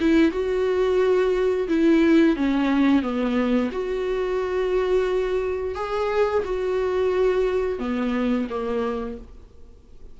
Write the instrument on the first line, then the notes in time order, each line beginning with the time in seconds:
viola
0.00 E4
0.31 F#4
1.68 E4
2.36 C#4
3.02 B3
3.72 F#4
5.75 G#4
6.45 F#4
7.79 B3
8.49 A#3